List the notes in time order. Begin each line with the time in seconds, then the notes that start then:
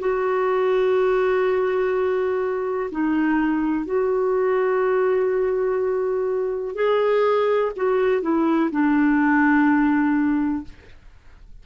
0.00 F#4
2.92 D#4
3.86 F#4
6.75 G#4
7.76 F#4
8.22 E4
8.71 D4